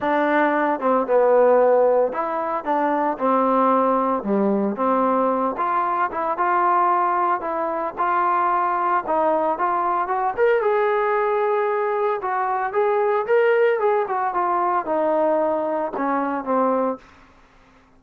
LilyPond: \new Staff \with { instrumentName = "trombone" } { \time 4/4 \tempo 4 = 113 d'4. c'8 b2 | e'4 d'4 c'2 | g4 c'4. f'4 e'8 | f'2 e'4 f'4~ |
f'4 dis'4 f'4 fis'8 ais'8 | gis'2. fis'4 | gis'4 ais'4 gis'8 fis'8 f'4 | dis'2 cis'4 c'4 | }